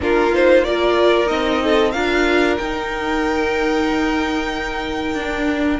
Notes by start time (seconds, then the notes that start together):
0.00 A#3 D4 F4 A#4
0.32 D#4 C5
0.64 F4 A#4 D5
1.26 C4 D#4 D#5
1.63 A4
1.91 D4 F4 A#4 F5
2.57 D#4 G5
5.14 D4